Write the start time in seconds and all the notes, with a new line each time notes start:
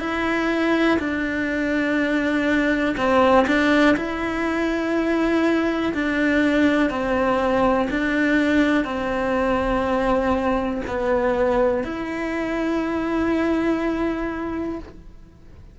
0.00 E4
0.99 D4
2.97 C4
3.47 D4
3.97 E4
5.94 D4
6.90 C4
7.90 D4
8.85 C4
10.88 B3
11.84 E4